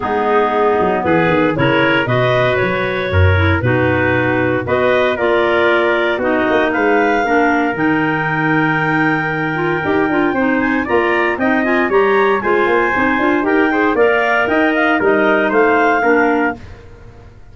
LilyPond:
<<
  \new Staff \with { instrumentName = "clarinet" } { \time 4/4 \tempo 4 = 116 gis'2 b'4 cis''4 | dis''4 cis''2 b'4~ | b'4 dis''4 d''2 | dis''4 f''2 g''4~ |
g''1~ | g''8 gis''8 ais''4 g''8 gis''8 ais''4 | gis''2 g''4 f''4 | g''8 f''8 dis''4 f''2 | }
  \new Staff \with { instrumentName = "trumpet" } { \time 4/4 dis'2 gis'4 ais'4 | b'2 ais'4 fis'4~ | fis'4 b'4 ais'2 | fis'4 b'4 ais'2~ |
ais'1 | c''4 d''4 dis''4 cis''4 | c''2 ais'8 c''8 d''4 | dis''4 ais'4 c''4 ais'4 | }
  \new Staff \with { instrumentName = "clarinet" } { \time 4/4 b2. e'4 | fis'2~ fis'8 e'8 dis'4~ | dis'4 fis'4 f'2 | dis'2 d'4 dis'4~ |
dis'2~ dis'8 f'8 g'8 f'8 | dis'4 f'4 dis'8 f'8 g'4 | f'4 dis'8 f'8 g'8 gis'8 ais'4~ | ais'4 dis'2 d'4 | }
  \new Staff \with { instrumentName = "tuba" } { \time 4/4 gis4. fis8 e8 dis8 cis4 | b,4 fis4 fis,4 b,4~ | b,4 b4 ais2 | b8 ais8 gis4 ais4 dis4~ |
dis2. dis'8 d'8 | c'4 ais4 c'4 g4 | gis8 ais8 c'8 d'8 dis'4 ais4 | dis'4 g4 a4 ais4 | }
>>